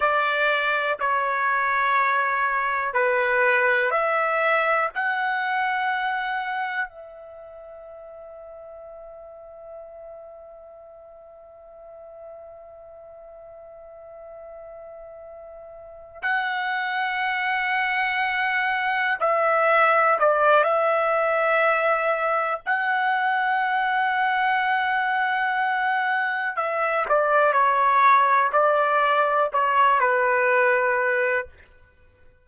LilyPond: \new Staff \with { instrumentName = "trumpet" } { \time 4/4 \tempo 4 = 61 d''4 cis''2 b'4 | e''4 fis''2 e''4~ | e''1~ | e''1~ |
e''8 fis''2. e''8~ | e''8 d''8 e''2 fis''4~ | fis''2. e''8 d''8 | cis''4 d''4 cis''8 b'4. | }